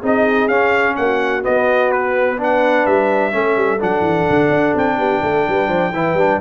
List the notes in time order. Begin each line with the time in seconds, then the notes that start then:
0.00 C4 D#4 G#4
0.06 D#5
0.48 C#4 F5
0.96 A#3 F#5
1.02 F#4
1.42 B3 D#5
1.92 B4
2.37 D4 B4
2.44 F#5
2.86 G3 E5
3.32 A3 C#4 A4
3.57 G3
3.80 F#3 D4 F#5
4.01 E3
4.30 D3
4.50 D4
4.75 C4 G5
4.98 B3 G4
5.23 A3 A4
5.48 G3 B4
5.68 F3 C5
5.91 E3 E4 B4
6.14 G3 D4